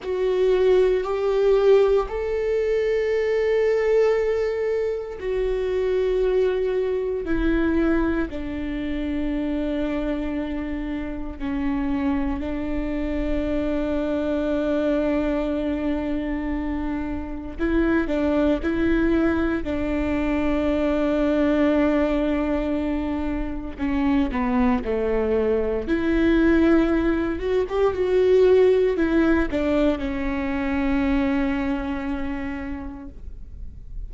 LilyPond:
\new Staff \with { instrumentName = "viola" } { \time 4/4 \tempo 4 = 58 fis'4 g'4 a'2~ | a'4 fis'2 e'4 | d'2. cis'4 | d'1~ |
d'4 e'8 d'8 e'4 d'4~ | d'2. cis'8 b8 | a4 e'4. fis'16 g'16 fis'4 | e'8 d'8 cis'2. | }